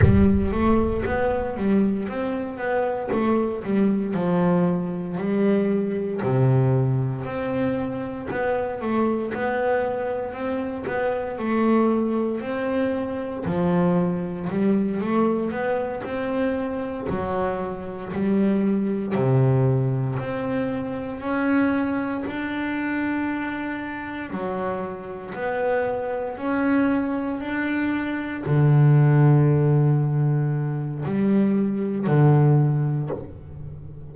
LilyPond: \new Staff \with { instrumentName = "double bass" } { \time 4/4 \tempo 4 = 58 g8 a8 b8 g8 c'8 b8 a8 g8 | f4 g4 c4 c'4 | b8 a8 b4 c'8 b8 a4 | c'4 f4 g8 a8 b8 c'8~ |
c'8 fis4 g4 c4 c'8~ | c'8 cis'4 d'2 fis8~ | fis8 b4 cis'4 d'4 d8~ | d2 g4 d4 | }